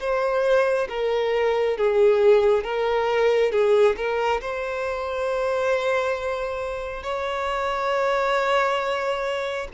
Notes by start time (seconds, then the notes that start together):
0.00 C5
0.89 A#4
1.78 G#4
2.64 A#4
3.52 G#4
3.97 A#4
4.41 C5
7.03 C#5